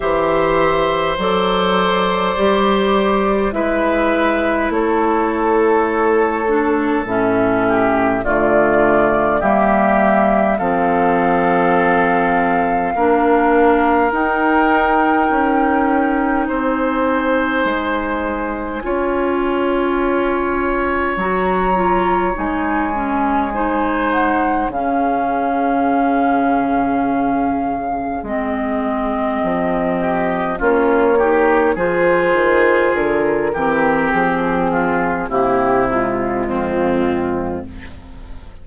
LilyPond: <<
  \new Staff \with { instrumentName = "flute" } { \time 4/4 \tempo 4 = 51 e''4 d''2 e''4 | cis''2 e''4 d''4 | e''4 f''2. | g''2 gis''2~ |
gis''2 ais''4 gis''4~ | gis''8 fis''8 f''2. | dis''2 cis''4 c''4 | ais'4 gis'4 g'8 f'4. | }
  \new Staff \with { instrumentName = "oboe" } { \time 4/4 c''2. b'4 | a'2~ a'8 g'8 f'4 | g'4 a'2 ais'4~ | ais'2 c''2 |
cis''1 | c''4 gis'2.~ | gis'4. g'8 f'8 g'8 gis'4~ | gis'8 g'4 f'8 e'4 c'4 | }
  \new Staff \with { instrumentName = "clarinet" } { \time 4/4 g'4 a'4 g'4 e'4~ | e'4. d'8 cis'4 a4 | ais4 c'2 d'4 | dis'1 |
f'2 fis'8 f'8 dis'8 cis'8 | dis'4 cis'2. | c'2 cis'8 dis'8 f'4~ | f'8 c'4. ais8 gis4. | }
  \new Staff \with { instrumentName = "bassoon" } { \time 4/4 e4 fis4 g4 gis4 | a2 a,4 d4 | g4 f2 ais4 | dis'4 cis'4 c'4 gis4 |
cis'2 fis4 gis4~ | gis4 cis2. | gis4 f4 ais4 f8 dis8 | d8 e8 f4 c4 f,4 | }
>>